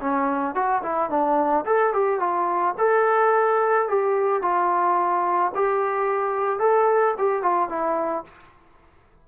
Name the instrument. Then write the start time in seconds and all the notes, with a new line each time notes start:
trombone
0.00 C#4
0.54 F#4
0.82 E4
1.09 D4
1.65 A4
1.93 G4
2.19 F4
2.78 A4
3.88 G4
4.41 F4
5.54 G4
6.59 A4
7.18 G4
7.42 F4
7.69 E4